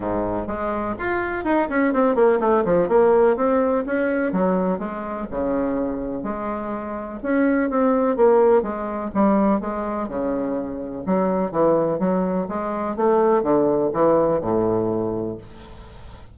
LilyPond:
\new Staff \with { instrumentName = "bassoon" } { \time 4/4 \tempo 4 = 125 gis,4 gis4 f'4 dis'8 cis'8 | c'8 ais8 a8 f8 ais4 c'4 | cis'4 fis4 gis4 cis4~ | cis4 gis2 cis'4 |
c'4 ais4 gis4 g4 | gis4 cis2 fis4 | e4 fis4 gis4 a4 | d4 e4 a,2 | }